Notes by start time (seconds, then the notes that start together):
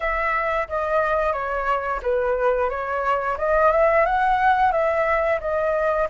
0.00 E5
0.68 D#5
1.33 C#5
2.02 B4
2.69 C#5
3.38 D#5
3.71 E5
4.05 F#5
4.72 E5
5.40 D#5